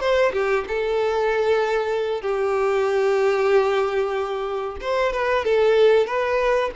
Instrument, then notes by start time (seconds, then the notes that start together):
violin
0.00 C5
0.32 G4
0.68 A4
2.21 G4
4.81 C5
5.13 B4
5.44 A4
6.07 B4